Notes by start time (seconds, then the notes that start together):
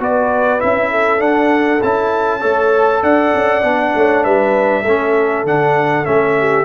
0.00 B3 F#4 B4 D5
0.60 C#4 E4 E5
0.91 A4
1.19 D4 F#5
1.82 C#4 E4 A5
2.40 A3 A4 C#5
3.03 D4 D5 F#5
3.35 C#4
3.64 B3 D4
3.95 A3 C#5
4.24 G3 B4 E5
4.82 A3 C#4 A4
5.44 D3 D4 F#5
6.04 A3 C#4 E5
6.39 G4